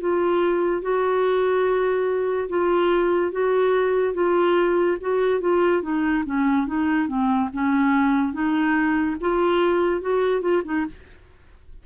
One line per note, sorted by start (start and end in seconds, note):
0.00 0.81 F4
0.81 2.48 F#4
2.49 3.31 F4
3.31 4.14 F#4
4.14 4.97 F4
5.00 5.40 F#4
5.40 5.82 F4
5.82 6.23 D#4
6.25 6.67 C#4
6.67 7.08 D#4
7.08 7.49 C4
7.53 8.33 C#4
8.33 9.16 D#4
9.20 10.00 F4
10.00 10.41 F#4
10.41 10.62 F4
10.64 10.85 D#4